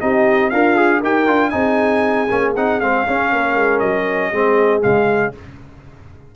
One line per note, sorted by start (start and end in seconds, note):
0.00 0.52 C4
0.00 0.51 D#4
0.00 0.50 G4
0.00 0.49 D#5
0.49 1.02 D4
0.49 0.99 F4
0.49 0.76 A#4
0.49 1.00 F5
0.76 1.01 G#4
0.99 1.27 D#4
0.99 1.27 G4
0.99 1.50 A#4
0.99 1.49 G5
1.27 1.52 D4
1.27 1.51 F4
1.49 2.29 C4
1.49 2.27 D#4
1.49 3.32 G#4
1.49 2.51 G#5
2.30 2.56 A#3
2.30 2.55 C#4
2.56 2.81 C4
2.56 2.81 D#4
2.56 2.80 F#5
2.80 3.06 G#3
2.80 3.07 C4
2.80 3.79 F5
3.07 3.32 C#4
3.07 4.33 C#4
3.32 3.55 A#3
3.32 4.31 A#4
3.55 3.81 G#3
3.79 4.32 F#3
3.79 4.81 D#5
4.31 4.83 G#3
4.31 4.81 C4
4.31 5.33 G#4
4.81 5.35 C#3
4.81 5.32 G#3
4.81 5.33 F5